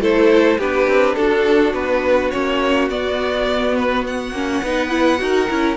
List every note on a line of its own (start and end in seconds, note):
0.00 0.58 A3
0.00 0.59 E4
0.00 0.58 A4
0.00 0.60 C5
0.58 0.87 B3
0.58 2.33 D4
0.58 1.15 G4
0.58 1.15 B4
0.87 1.16 C4
1.15 1.73 D4
1.15 4.62 F#4
1.15 1.73 A4
1.73 2.31 B3
1.73 2.31 B4
2.31 2.89 A#3
2.31 2.90 C#4
2.31 2.88 C#5
2.89 4.32 B3
2.89 4.34 B3
2.89 3.76 D5
3.76 4.04 B4
4.07 5.77 F#5
4.32 4.61 A#3
4.32 4.63 C#4
4.63 5.20 B3
4.63 4.89 D#4
4.63 5.20 B4
4.89 5.17 E4
5.17 5.49 D#4
5.17 5.46 F#4
5.17 5.77 A#4
5.48 5.77 C#4
5.48 5.77 E4